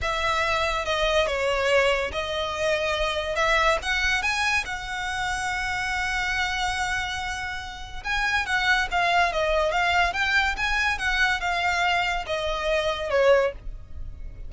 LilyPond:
\new Staff \with { instrumentName = "violin" } { \time 4/4 \tempo 4 = 142 e''2 dis''4 cis''4~ | cis''4 dis''2. | e''4 fis''4 gis''4 fis''4~ | fis''1~ |
fis''2. gis''4 | fis''4 f''4 dis''4 f''4 | g''4 gis''4 fis''4 f''4~ | f''4 dis''2 cis''4 | }